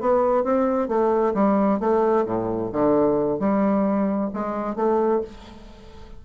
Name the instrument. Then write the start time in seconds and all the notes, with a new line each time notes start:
bassoon
0.00 B3
0.44 C4
0.88 A3
1.34 G3
1.80 A3
2.25 A2
2.72 D3
3.39 G3
4.33 G#3
4.76 A3